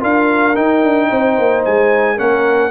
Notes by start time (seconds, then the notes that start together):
0.00 D4 F4 A#4 F5
0.55 D#4 G5
0.83 D4
1.09 C4 C5
1.38 A#3
1.65 G#3 G#5
2.17 A#3 C#4 A#4 F#5